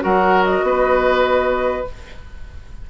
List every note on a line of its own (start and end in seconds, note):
0.00 0.63 F#3
0.00 1.85 F#4
0.00 0.65 A#4
0.00 0.44 F#5
0.44 1.88 D#5
0.63 1.86 B3
0.63 1.90 B4